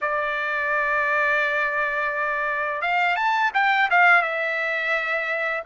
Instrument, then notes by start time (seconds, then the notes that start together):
trumpet
0.01 D5
2.81 F5
3.16 A5
3.54 G5
3.90 F5
4.22 E5